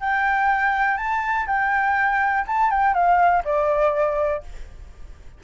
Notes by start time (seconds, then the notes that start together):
0.00 G5
0.97 A5
1.46 G5
2.47 A5
2.70 G5
2.93 F5
3.44 D5